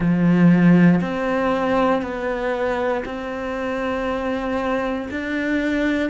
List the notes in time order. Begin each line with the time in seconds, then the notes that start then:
0.00 F3
1.01 C4
2.02 B3
3.05 C4
5.10 D4